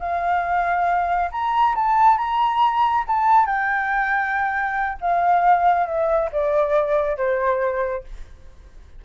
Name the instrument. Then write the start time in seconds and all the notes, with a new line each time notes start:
flute
0.00 F5
1.32 A#5
1.76 A5
2.18 A#5
3.08 A5
3.47 G5
5.01 F5
5.87 E5
6.32 D5
7.17 C5